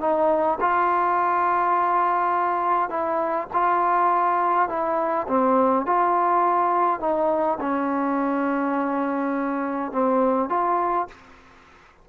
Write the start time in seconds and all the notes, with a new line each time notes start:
0.00 D#4
0.60 F4
2.89 E4
3.53 F4
4.69 E4
5.28 C4
5.86 F4
7.00 D#4
7.60 C#4
9.92 C4
10.49 F4